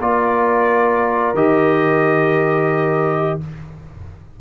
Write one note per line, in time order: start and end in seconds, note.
0.00 1.34 A#3
0.00 1.36 F4
0.00 3.41 A#4
0.00 1.36 D5
1.34 3.39 D#3
1.34 3.41 G4
1.34 3.40 D#5